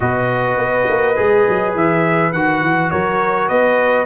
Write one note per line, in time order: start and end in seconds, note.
0.00 0.57 B2
0.00 1.16 F#4
0.00 2.91 B4
0.00 1.75 D#5
0.57 0.86 B3
0.88 1.18 A#3
1.16 1.47 G#3
1.16 2.32 G#4
1.48 1.75 F#3
1.75 2.33 E3
1.75 2.32 E5
2.32 2.62 D#3
2.32 4.06 F#4
2.32 2.90 F#5
2.62 2.91 E3
2.90 3.49 F#3
2.90 3.49 A#4
2.90 3.48 C#5
3.48 4.06 B3
3.48 4.06 B4
3.48 4.06 D#5